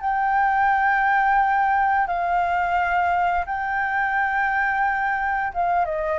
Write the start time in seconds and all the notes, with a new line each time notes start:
0.00 G5
2.07 F5
3.46 G5
5.54 F5
5.85 D#5